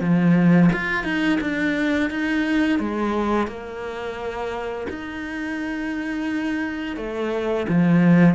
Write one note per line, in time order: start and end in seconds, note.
0.00 0.70 F3
0.73 1.04 F4
1.04 1.39 D#4
1.40 2.10 D4
2.10 2.79 D#4
2.79 3.47 G#3
3.47 4.87 A#3
4.89 6.96 D#4
6.96 7.66 A3
7.68 8.35 F3